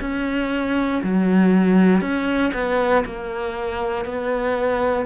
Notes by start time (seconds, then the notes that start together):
0.00 C#4
1.03 F#3
2.01 C#4
2.53 B3
3.05 A#3
4.05 B3